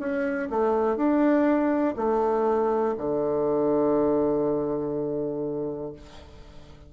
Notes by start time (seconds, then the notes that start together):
0.00 C#4
0.51 A3
0.97 D4
1.97 A3
2.98 D3